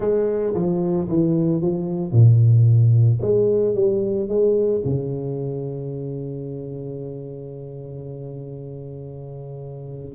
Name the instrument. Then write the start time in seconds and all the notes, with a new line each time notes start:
tuba
0.00 G#3
0.54 F3
1.08 E3
1.61 F3
2.12 A#2
3.21 G#3
3.74 G3
4.28 G#3
4.84 C#3